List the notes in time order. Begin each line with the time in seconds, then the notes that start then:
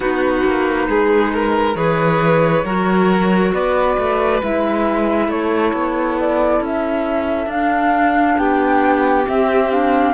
0.00 B3 D#4 F#4 B4
0.44 A#3
0.88 G#3 G#4
1.33 A#4
1.74 E3 G#4 B4 C#5
2.64 F#3 F#4 A#4
3.53 B3 B4 D5
3.98 A3
4.42 G#3 E4 E5
5.28 A3 A4 C#5
5.73 B3
6.19 D5
6.60 C#4 E5
7.46 D4 F5
8.38 B3 G4 G5
9.24 C4 E5
9.70 D4 F5